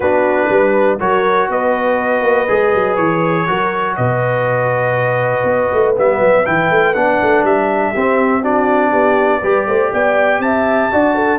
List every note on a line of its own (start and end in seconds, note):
0.00 0.47 B3
0.00 0.99 D4
0.00 0.49 F#4
0.00 0.98 B4
0.49 0.99 G3
0.49 0.99 B4
0.99 1.49 F#3
0.99 2.48 F#4
0.99 1.49 A#4
0.99 1.49 C#5
1.49 2.21 B3
1.49 3.48 B4
1.49 2.96 D#5
2.21 2.46 A#3
2.48 2.74 G#3
2.48 3.47 G#4
2.74 2.97 F#3
2.96 3.47 E3
2.96 3.95 C#5
3.47 3.98 F#3
3.47 5.95 F#4
3.47 3.96 A#4
3.96 5.43 B2
3.96 7.92 B4
3.96 5.94 D#5
5.43 5.68 B3
5.72 5.97 A3
5.96 6.19 G3
5.96 6.45 B3
5.96 6.45 E5
6.19 6.44 F#3
6.45 6.70 E3
6.45 6.94 E4
6.45 6.94 G5
6.70 6.95 A3
6.94 7.20 B3
6.94 7.95 D4
6.94 7.44 F#5
7.21 7.43 A3
7.43 7.92 G3
7.43 8.43 E5
7.92 8.92 C4
7.92 8.42 C4
7.92 8.41 G4
8.41 9.41 D4
8.41 8.90 F#4
8.41 9.92 D5
8.90 9.41 B3
8.90 9.40 G4
9.42 9.67 G3
9.42 10.91 G4
9.42 9.67 B4
9.67 9.91 A3
9.67 9.92 C5
9.92 10.39 B3
9.92 10.41 D5
9.92 10.41 G5
10.39 10.88 C4
10.39 10.92 E5
10.39 11.38 A5
10.91 11.38 D4
10.91 11.38 F#4
10.91 11.15 D5
11.15 11.38 A4